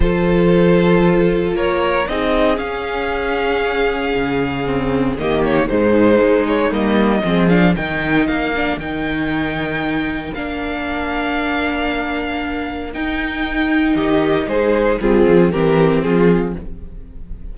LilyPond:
<<
  \new Staff \with { instrumentName = "violin" } { \time 4/4 \tempo 4 = 116 c''2. cis''4 | dis''4 f''2.~ | f''2 dis''8 cis''8 c''4~ | c''8 cis''8 dis''4. f''8 g''4 |
f''4 g''2. | f''1~ | f''4 g''2 dis''4 | c''4 gis'4 ais'4 gis'4 | }
  \new Staff \with { instrumentName = "violin" } { \time 4/4 a'2. ais'4 | gis'1~ | gis'2 g'4 dis'4~ | dis'2 gis'4 ais'4~ |
ais'1~ | ais'1~ | ais'2. g'4 | gis'4 c'4 g'4 f'4 | }
  \new Staff \with { instrumentName = "viola" } { \time 4/4 f'1 | dis'4 cis'2.~ | cis'4 c'4 ais4 gis4~ | gis4 ais4 c'8 d'8 dis'4~ |
dis'8 d'8 dis'2. | d'1~ | d'4 dis'2.~ | dis'4 f'4 c'2 | }
  \new Staff \with { instrumentName = "cello" } { \time 4/4 f2. ais4 | c'4 cis'2. | cis2 dis4 gis,4 | gis4 g4 f4 dis4 |
ais4 dis2. | ais1~ | ais4 dis'2 dis4 | gis4 g8 f8 e4 f4 | }
>>